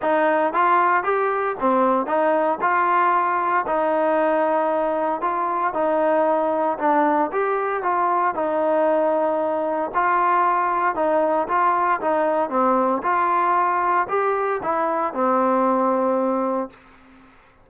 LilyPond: \new Staff \with { instrumentName = "trombone" } { \time 4/4 \tempo 4 = 115 dis'4 f'4 g'4 c'4 | dis'4 f'2 dis'4~ | dis'2 f'4 dis'4~ | dis'4 d'4 g'4 f'4 |
dis'2. f'4~ | f'4 dis'4 f'4 dis'4 | c'4 f'2 g'4 | e'4 c'2. | }